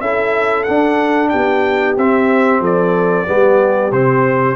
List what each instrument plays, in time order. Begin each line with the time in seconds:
0.00 tuba C#4, trombone E4, horn A4, trumpet E5
0.63 trombone D4, tuba D4, trumpet F#5
1.29 tuba B3, horn G4, trumpet G5
1.97 tuba C4, trombone C4, trumpet E5
2.60 tuba F3, horn A4, trumpet D5
3.26 tuba G3, trombone B3, horn G4
3.91 tuba C3, trombone C4, trumpet C5